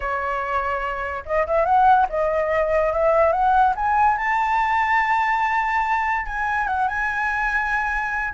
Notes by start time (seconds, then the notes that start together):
0.00 C#5
1.25 D#5
1.46 E5
1.65 F#5
2.09 D#5
2.93 E5
3.32 F#5
3.75 G#5
4.17 A5
6.25 G#5
6.67 F#5
6.88 G#5